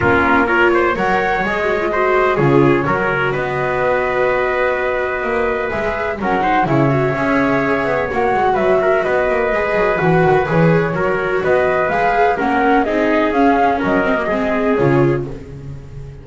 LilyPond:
<<
  \new Staff \with { instrumentName = "flute" } { \time 4/4 \tempo 4 = 126 ais'4 cis''4 fis''4 dis''4~ | dis''4 cis''2 dis''4~ | dis''1 | e''4 fis''4 e''2~ |
e''4 fis''4 e''4 dis''4~ | dis''4 fis''4 cis''2 | dis''4 f''4 fis''4 dis''4 | f''4 dis''2 cis''4 | }
  \new Staff \with { instrumentName = "trumpet" } { \time 4/4 f'4 ais'8 c''8 cis''2 | c''4 gis'4 ais'4 b'4~ | b'1~ | b'4 ais'8 c''8 cis''2~ |
cis''2 b'8 ais'8 b'4~ | b'2. ais'4 | b'2 ais'4 gis'4~ | gis'4 ais'4 gis'2 | }
  \new Staff \with { instrumentName = "viola" } { \time 4/4 cis'4 f'4 ais'4 gis'8 fis'16 f'16 | fis'4 f'4 fis'2~ | fis'1 | gis'4 cis'8 dis'8 e'8 fis'8 gis'4~ |
gis'4 fis'2. | gis'4 fis'4 gis'4 fis'4~ | fis'4 gis'4 cis'4 dis'4 | cis'4. c'16 ais16 c'4 f'4 | }
  \new Staff \with { instrumentName = "double bass" } { \time 4/4 ais2 fis4 gis4~ | gis4 cis4 fis4 b4~ | b2. ais4 | gis4 fis4 cis4 cis'4~ |
cis'8 b8 ais8 gis8 fis4 b8 ais8 | gis8 fis8 e8 dis8 e4 fis4 | b4 gis4 ais4 c'4 | cis'4 fis4 gis4 cis4 | }
>>